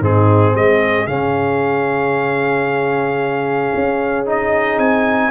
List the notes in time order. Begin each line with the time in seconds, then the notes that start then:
0.00 G#2 C4 D#4 G#4
0.54 G#3 G#4 D#5
1.06 C#3 C#4 F5
3.75 C#4
4.26 D#4 D#5
4.78 C4 G#5